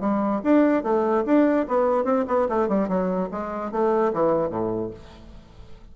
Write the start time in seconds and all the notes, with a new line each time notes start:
0.00 G3
0.43 D4
0.83 A3
1.25 D4
1.68 B3
2.04 C4
2.27 B3
2.48 A3
2.68 G3
2.88 F#3
3.31 G#3
3.71 A3
4.13 E3
4.49 A2